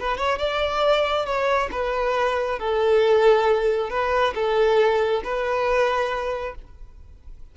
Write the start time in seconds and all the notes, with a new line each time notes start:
0.00 B4
0.18 C#5
0.39 D5
1.26 C#5
1.72 B4
2.59 A4
3.90 B4
4.35 A4
5.24 B4